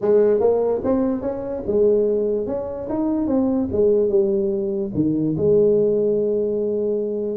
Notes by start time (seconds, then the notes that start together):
0.01 G#3
0.40 A#3
0.84 C4
1.21 C#4
1.66 G#3
2.47 C#4
2.89 D#4
3.27 C4
3.72 G#3
4.09 G3
4.94 D#3
5.37 G#3